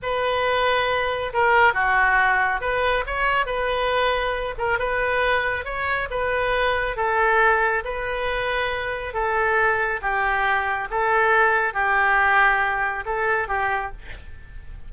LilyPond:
\new Staff \with { instrumentName = "oboe" } { \time 4/4 \tempo 4 = 138 b'2. ais'4 | fis'2 b'4 cis''4 | b'2~ b'8 ais'8 b'4~ | b'4 cis''4 b'2 |
a'2 b'2~ | b'4 a'2 g'4~ | g'4 a'2 g'4~ | g'2 a'4 g'4 | }